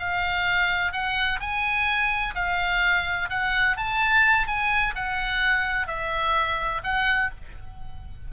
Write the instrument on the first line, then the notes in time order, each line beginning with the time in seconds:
oboe
0.00 F5
0.93 F#5
1.40 G#5
2.35 F5
3.30 F#5
3.77 A5
4.48 G#5
4.96 F#5
5.88 E5
6.84 F#5